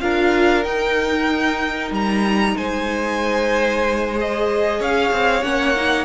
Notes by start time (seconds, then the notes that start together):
0.00 D4 F4 A#4 F5
0.64 D#4 G5
1.91 G3 A#5
2.56 G#3 C5 G#5
4.15 G#4 D#5
4.79 C#4 C#5 F5
5.12 C4
5.42 A#3 C#4 F#5
5.75 D#4